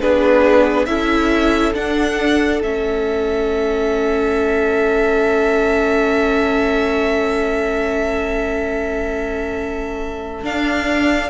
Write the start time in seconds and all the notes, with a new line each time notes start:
0.00 B3 D4 G#4 B4
0.85 C#4 E4 A4 E5
1.74 D4 F#5
2.61 A3 C#4 E5
10.43 D4 F5